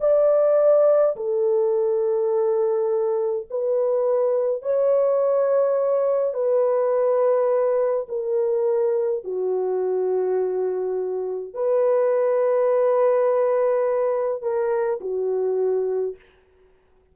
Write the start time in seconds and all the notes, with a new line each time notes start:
0.00 D5
1.16 A4
3.50 B4
4.62 C#5
6.34 B4
8.08 A#4
9.24 F#4
11.54 B4
14.42 A#4
15.00 F#4